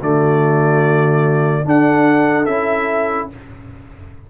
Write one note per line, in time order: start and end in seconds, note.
0.00 1.65 D3
0.00 1.65 A3
0.00 1.64 F#4
0.00 1.67 D5
1.65 2.47 D4
1.65 3.31 A4
1.65 2.46 F#5
2.46 3.30 C#4
2.46 3.30 E4
2.46 3.28 E5